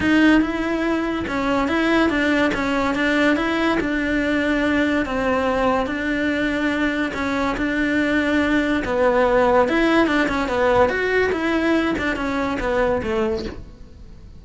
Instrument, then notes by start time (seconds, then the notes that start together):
cello
0.00 D#4
0.41 E4
1.27 C#4
1.67 E4
2.09 D4
2.54 C#4
2.94 D4
3.36 E4
3.80 D4
5.05 C4
5.86 D4
7.14 C#4
7.57 D4
8.84 B3
9.68 E4
10.07 D4
10.28 C#4
10.48 B3
10.89 F#4
11.32 E4
11.98 D4
12.16 C#4
12.60 B3
13.02 A3